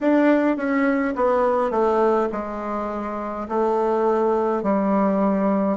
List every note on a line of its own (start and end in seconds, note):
0.00 0.57 D4
0.57 1.14 C#4
1.15 1.70 B3
1.70 2.28 A3
2.32 3.47 G#3
3.48 4.63 A3
4.63 5.77 G3